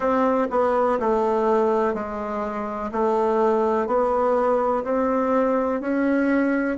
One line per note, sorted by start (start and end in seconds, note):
0.00 0.48 C4
0.50 0.99 B3
0.99 1.94 A3
1.94 2.90 G#3
2.91 3.87 A3
3.87 4.83 B3
4.84 5.81 C4
5.81 6.77 C#4